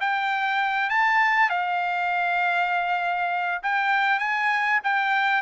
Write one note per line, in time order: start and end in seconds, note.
0.00 0.89 G5
0.89 1.49 A5
1.49 3.61 F5
3.63 4.19 G5
4.19 4.80 G#5
4.83 5.42 G5